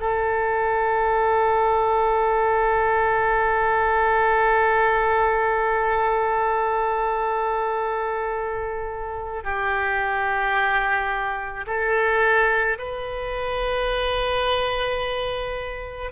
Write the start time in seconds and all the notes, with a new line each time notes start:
0.00 A4
9.44 G4
11.67 A4
12.79 B4